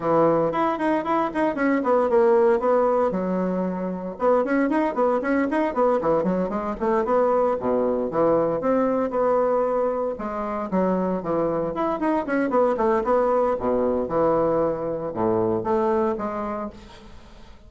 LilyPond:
\new Staff \with { instrumentName = "bassoon" } { \time 4/4 \tempo 4 = 115 e4 e'8 dis'8 e'8 dis'8 cis'8 b8 | ais4 b4 fis2 | b8 cis'8 dis'8 b8 cis'8 dis'8 b8 e8 | fis8 gis8 a8 b4 b,4 e8~ |
e8 c'4 b2 gis8~ | gis8 fis4 e4 e'8 dis'8 cis'8 | b8 a8 b4 b,4 e4~ | e4 a,4 a4 gis4 | }